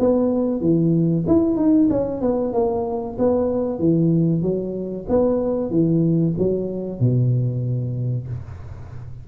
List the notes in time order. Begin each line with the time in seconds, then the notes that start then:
0.00 B3
0.61 E3
1.27 E4
1.57 D#4
1.90 C#4
2.22 B3
2.54 A#3
3.19 B3
3.79 E3
4.42 F#3
5.09 B3
5.70 E3
6.38 F#3
7.00 B2